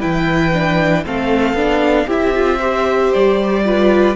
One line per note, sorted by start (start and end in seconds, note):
0.00 1.06 E3
0.00 0.52 E4
0.00 1.04 B4
0.00 1.05 G5
0.53 1.05 D4
1.06 1.53 A3
1.06 1.56 C4
1.06 2.07 A4
1.06 2.10 F5
1.53 2.05 B3
1.53 2.08 D4
2.07 3.11 C4
2.07 2.34 E4
2.07 2.58 G4
2.07 3.13 E5
2.34 2.60 F4
2.59 3.64 G4
2.59 3.63 C5
3.13 4.16 G3
3.13 4.16 D5
3.65 4.16 F4
3.65 4.16 B4